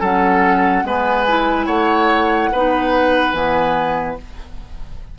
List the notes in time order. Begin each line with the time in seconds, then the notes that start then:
0.00 F#3 C#4 A4 F#5
0.84 G#3 B3 B4 G#5
1.28 E4
1.66 A3 C#5 F#5
2.52 B3 D#4 B4
3.32 E3 B3 G#5